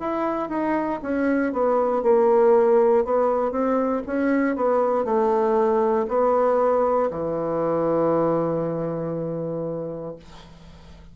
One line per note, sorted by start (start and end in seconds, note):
0.00 0.49 E4
0.49 1.00 D#4
1.03 1.53 C#4
1.53 2.03 B3
2.03 3.05 A#3
3.05 3.52 B3
3.52 4.03 C4
4.07 4.56 C#4
4.56 5.05 B3
5.05 6.06 A3
6.09 7.10 B3
7.11 10.16 E3